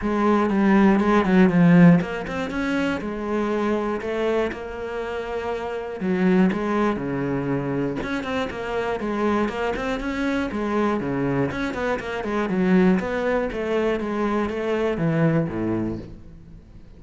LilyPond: \new Staff \with { instrumentName = "cello" } { \time 4/4 \tempo 4 = 120 gis4 g4 gis8 fis8 f4 | ais8 c'8 cis'4 gis2 | a4 ais2. | fis4 gis4 cis2 |
cis'8 c'8 ais4 gis4 ais8 c'8 | cis'4 gis4 cis4 cis'8 b8 | ais8 gis8 fis4 b4 a4 | gis4 a4 e4 a,4 | }